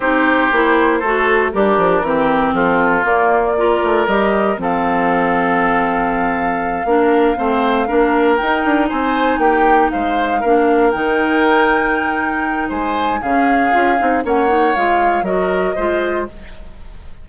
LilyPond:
<<
  \new Staff \with { instrumentName = "flute" } { \time 4/4 \tempo 4 = 118 c''2. ais'4~ | ais'4 a'4 d''2 | dis''4 f''2.~ | f''1~ |
f''8 g''4 gis''4 g''4 f''8~ | f''4. g''2~ g''8~ | g''4 gis''4 f''2 | fis''4 f''4 dis''2 | }
  \new Staff \with { instrumentName = "oboe" } { \time 4/4 g'2 a'4 d'4 | g'4 f'2 ais'4~ | ais'4 a'2.~ | a'4. ais'4 c''4 ais'8~ |
ais'4. c''4 g'4 c''8~ | c''8 ais'2.~ ais'8~ | ais'4 c''4 gis'2 | cis''2 ais'4 c''4 | }
  \new Staff \with { instrumentName = "clarinet" } { \time 4/4 dis'4 e'4 fis'4 g'4 | c'2 ais4 f'4 | g'4 c'2.~ | c'4. d'4 c'4 d'8~ |
d'8 dis'2.~ dis'8~ | dis'8 d'4 dis'2~ dis'8~ | dis'2 cis'4 f'8 dis'8 | cis'8 dis'8 f'4 fis'4 f'4 | }
  \new Staff \with { instrumentName = "bassoon" } { \time 4/4 c'4 ais4 a4 g8 f8 | e4 f4 ais4. a8 | g4 f2.~ | f4. ais4 a4 ais8~ |
ais8 dis'8 d'8 c'4 ais4 gis8~ | gis8 ais4 dis2~ dis8~ | dis4 gis4 cis4 cis'8 c'8 | ais4 gis4 fis4 gis4 | }
>>